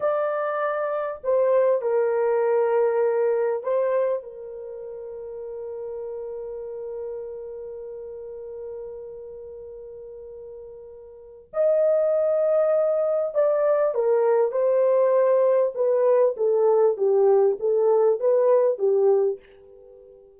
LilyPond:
\new Staff \with { instrumentName = "horn" } { \time 4/4 \tempo 4 = 99 d''2 c''4 ais'4~ | ais'2 c''4 ais'4~ | ais'1~ | ais'1~ |
ais'2. dis''4~ | dis''2 d''4 ais'4 | c''2 b'4 a'4 | g'4 a'4 b'4 g'4 | }